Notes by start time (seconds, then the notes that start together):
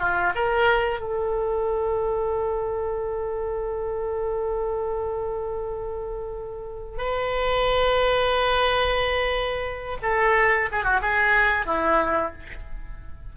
0.00 F4
0.35 A#4
1.00 A4
6.98 B4
10.03 A4
10.72 G#4
10.84 F#4
11.02 G#4
11.66 E4